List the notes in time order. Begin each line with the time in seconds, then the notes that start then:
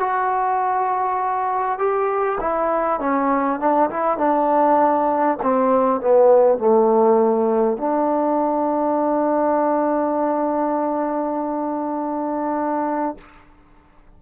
0.00 F#4
1.78 G4
2.40 E4
3.00 C#4
3.59 D4
3.90 E4
4.18 D4
5.42 C4
6.01 B3
6.58 A3
7.77 D4